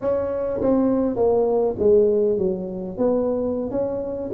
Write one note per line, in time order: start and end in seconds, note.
0.01 0.60 C#4
0.61 1.16 C4
1.16 1.75 A#3
1.78 2.38 G#3
2.38 2.97 F#3
2.97 3.70 B3
3.70 4.30 C#4